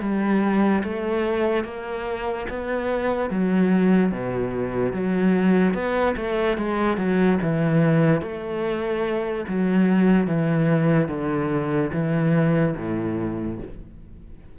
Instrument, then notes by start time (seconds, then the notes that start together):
cello
0.00 G3
0.83 A3
1.64 A#3
2.49 B3
3.30 F#3
4.11 B2
4.92 F#3
5.73 B3
6.16 A3
6.57 G#3
6.97 F#3
7.42 E3
8.21 A3
9.47 F#3
10.27 E3
11.08 D3
11.92 E3
12.76 A2